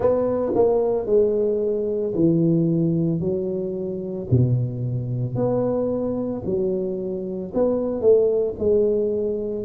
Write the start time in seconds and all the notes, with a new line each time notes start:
0.00 B3
0.55 A#3
1.06 G#3
2.14 E3
3.19 F#3
4.31 B2
5.35 B3
6.45 F#3
7.54 B3
8.01 A3
8.59 G#3